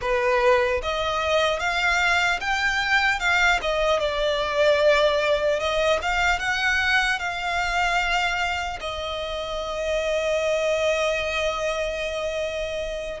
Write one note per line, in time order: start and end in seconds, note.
0.01 0.81 B4
0.82 1.59 D#5
1.59 2.39 F5
2.40 3.19 G5
3.19 3.59 F5
3.61 3.99 D#5
3.99 5.59 D5
5.59 5.99 D#5
6.01 6.39 F5
6.39 7.19 F#5
7.19 8.79 F5
8.80 13.20 D#5